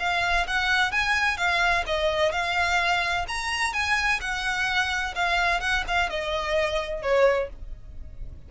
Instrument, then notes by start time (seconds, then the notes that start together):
violin
0.00 F5
0.48 F#5
0.92 G#5
1.37 F5
1.87 D#5
2.32 F5
3.28 A#5
3.74 G#5
4.21 F#5
5.16 F5
5.61 F#5
5.88 F5
6.10 D#5
7.03 C#5